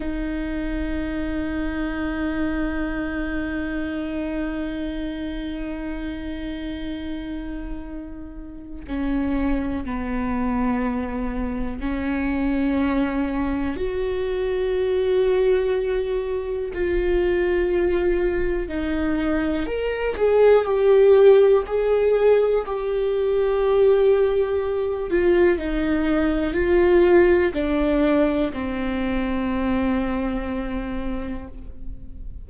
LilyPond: \new Staff \with { instrumentName = "viola" } { \time 4/4 \tempo 4 = 61 dis'1~ | dis'1~ | dis'4 cis'4 b2 | cis'2 fis'2~ |
fis'4 f'2 dis'4 | ais'8 gis'8 g'4 gis'4 g'4~ | g'4. f'8 dis'4 f'4 | d'4 c'2. | }